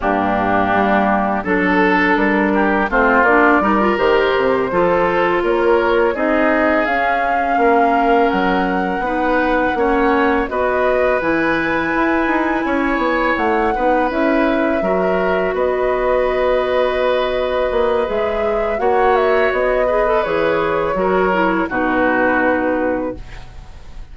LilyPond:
<<
  \new Staff \with { instrumentName = "flute" } { \time 4/4 \tempo 4 = 83 g'2 a'4 ais'4 | c''8 d''4 c''2 cis''8~ | cis''8 dis''4 f''2 fis''8~ | fis''2~ fis''8 dis''4 gis''8~ |
gis''2~ gis''8 fis''4 e''8~ | e''4. dis''2~ dis''8~ | dis''4 e''4 fis''8 e''8 dis''4 | cis''2 b'2 | }
  \new Staff \with { instrumentName = "oboe" } { \time 4/4 d'2 a'4. g'8 | f'4 ais'4. a'4 ais'8~ | ais'8 gis'2 ais'4.~ | ais'8 b'4 cis''4 b'4.~ |
b'4. cis''4. b'4~ | b'8 ais'4 b'2~ b'8~ | b'2 cis''4. b'8~ | b'4 ais'4 fis'2 | }
  \new Staff \with { instrumentName = "clarinet" } { \time 4/4 ais2 d'2 | c'8 d'8 dis'16 f'16 g'4 f'4.~ | f'8 dis'4 cis'2~ cis'8~ | cis'8 dis'4 cis'4 fis'4 e'8~ |
e'2. dis'8 e'8~ | e'8 fis'2.~ fis'8~ | fis'4 gis'4 fis'4. gis'16 a'16 | gis'4 fis'8 e'8 dis'2 | }
  \new Staff \with { instrumentName = "bassoon" } { \time 4/4 g,4 g4 fis4 g4 | a8 ais8 g8 dis8 c8 f4 ais8~ | ais8 c'4 cis'4 ais4 fis8~ | fis8 b4 ais4 b4 e8~ |
e8 e'8 dis'8 cis'8 b8 a8 b8 cis'8~ | cis'8 fis4 b2~ b8~ | b8 ais8 gis4 ais4 b4 | e4 fis4 b,2 | }
>>